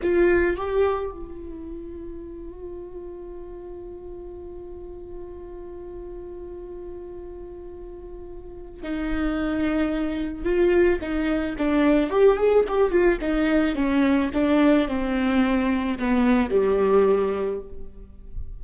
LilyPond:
\new Staff \with { instrumentName = "viola" } { \time 4/4 \tempo 4 = 109 f'4 g'4 f'2~ | f'1~ | f'1~ | f'1 |
dis'2. f'4 | dis'4 d'4 g'8 gis'8 g'8 f'8 | dis'4 cis'4 d'4 c'4~ | c'4 b4 g2 | }